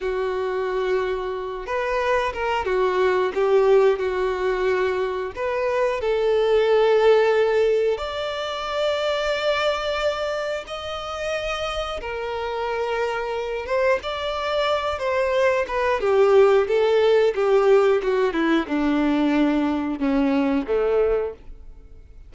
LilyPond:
\new Staff \with { instrumentName = "violin" } { \time 4/4 \tempo 4 = 90 fis'2~ fis'8 b'4 ais'8 | fis'4 g'4 fis'2 | b'4 a'2. | d''1 |
dis''2 ais'2~ | ais'8 c''8 d''4. c''4 b'8 | g'4 a'4 g'4 fis'8 e'8 | d'2 cis'4 a4 | }